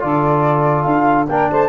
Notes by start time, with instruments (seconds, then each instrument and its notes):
0.00 tuba D3, trombone F4, saxophone A4, flute D5
0.82 tuba D4, flute F5
1.29 tuba A#3, trombone D4, saxophone A#4, flute G5
1.51 tuba A3, saxophone C5, flute A5